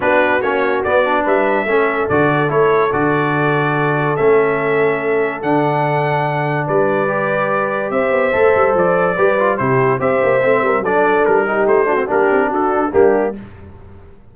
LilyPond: <<
  \new Staff \with { instrumentName = "trumpet" } { \time 4/4 \tempo 4 = 144 b'4 cis''4 d''4 e''4~ | e''4 d''4 cis''4 d''4~ | d''2 e''2~ | e''4 fis''2. |
d''2. e''4~ | e''4 d''2 c''4 | e''2 d''4 ais'4 | c''4 ais'4 a'4 g'4 | }
  \new Staff \with { instrumentName = "horn" } { \time 4/4 fis'2. b'4 | a'1~ | a'1~ | a'1 |
b'2. c''4~ | c''2 b'4 g'4 | c''4. ais'8 a'4. g'8~ | g'8 fis'8 g'4 fis'4 d'4 | }
  \new Staff \with { instrumentName = "trombone" } { \time 4/4 d'4 cis'4 b8 d'4. | cis'4 fis'4 e'4 fis'4~ | fis'2 cis'2~ | cis'4 d'2.~ |
d'4 g'2. | a'2 g'8 f'8 e'4 | g'4 c'4 d'4. dis'8~ | dis'8 d'16 c'16 d'2 ais4 | }
  \new Staff \with { instrumentName = "tuba" } { \time 4/4 b4 ais4 b4 g4 | a4 d4 a4 d4~ | d2 a2~ | a4 d2. |
g2. c'8 b8 | a8 g8 f4 g4 c4 | c'8 ais8 a8 g8 fis4 g4 | a4 ais8 c'8 d'4 g4 | }
>>